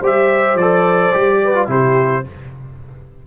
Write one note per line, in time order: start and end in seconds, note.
0.00 0.55 G3
0.00 0.59 G4
0.00 1.40 C5
0.00 0.57 E5
0.55 1.11 F3
0.55 1.69 D5
0.61 1.12 A4
1.12 1.68 G3
1.12 1.54 G4
1.44 1.70 B4
1.54 1.67 F4
1.67 2.24 C3
1.67 2.23 E4
1.67 2.26 G4
1.67 2.26 C5